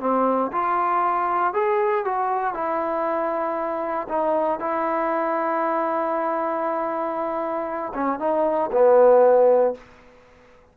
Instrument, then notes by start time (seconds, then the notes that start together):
trombone
0.00 C4
0.52 F4
1.54 G#4
2.05 F#4
2.54 E4
4.08 D#4
4.60 E4
7.94 C#4
8.19 D#4
8.72 B3